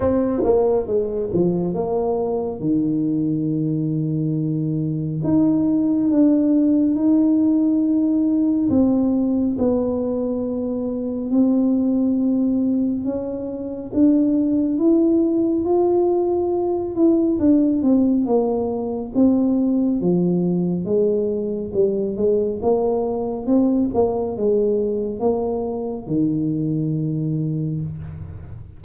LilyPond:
\new Staff \with { instrumentName = "tuba" } { \time 4/4 \tempo 4 = 69 c'8 ais8 gis8 f8 ais4 dis4~ | dis2 dis'4 d'4 | dis'2 c'4 b4~ | b4 c'2 cis'4 |
d'4 e'4 f'4. e'8 | d'8 c'8 ais4 c'4 f4 | gis4 g8 gis8 ais4 c'8 ais8 | gis4 ais4 dis2 | }